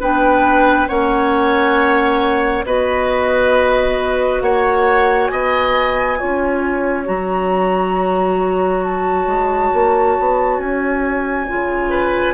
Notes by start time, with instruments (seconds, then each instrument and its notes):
0.00 bassoon B3, clarinet D4, oboe B4, flute G5
0.87 bassoon A#3, clarinet C#4, oboe C#5, flute F#5
2.64 bassoon B3, clarinet F#4, oboe B4, flute D#5
4.41 bassoon A#3, oboe C#5, flute F#5
5.26 bassoon B3, oboe D#5, flute G#5
6.17 bassoon C#4, clarinet F4, oboe C#5
7.05 bassoon F#3, clarinet F#4, flute A#5
8.83 flute A5
9.26 bassoon G#3
9.73 bassoon A#3
10.19 bassoon B3
10.58 bassoon C#4, flute G#5
11.48 bassoon C#3, clarinet F4
11.89 oboe B4